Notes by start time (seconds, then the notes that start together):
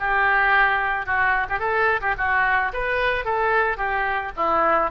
0.00 G4
1.06 F#4
1.50 G4
1.60 A4
2.02 G4
2.18 F#4
2.74 B4
3.25 A4
3.78 G4
4.37 E4